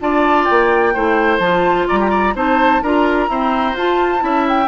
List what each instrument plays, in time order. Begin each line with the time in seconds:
0.00 bassoon D4, clarinet F4, oboe D5, flute A5
0.44 bassoon A#3, flute G5
0.94 bassoon A3, clarinet E4, oboe C5
1.39 bassoon F3, clarinet F4, flute A5
1.88 bassoon G3, oboe D5, flute A#5
2.00 oboe G4
2.10 oboe D5
2.34 bassoon C4, clarinet D#4, oboe C5, flute A5
2.82 bassoon D4, clarinet F4, oboe A#4, flute A#5
3.28 clarinet C4, bassoon E4, oboe C5
3.74 bassoon F4, clarinet F4, flute A5
4.18 bassoon C#4, clarinet E4, oboe E5
4.48 flute G5